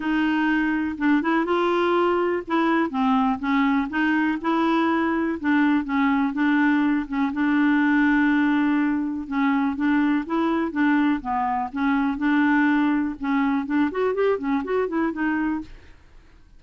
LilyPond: \new Staff \with { instrumentName = "clarinet" } { \time 4/4 \tempo 4 = 123 dis'2 d'8 e'8 f'4~ | f'4 e'4 c'4 cis'4 | dis'4 e'2 d'4 | cis'4 d'4. cis'8 d'4~ |
d'2. cis'4 | d'4 e'4 d'4 b4 | cis'4 d'2 cis'4 | d'8 fis'8 g'8 cis'8 fis'8 e'8 dis'4 | }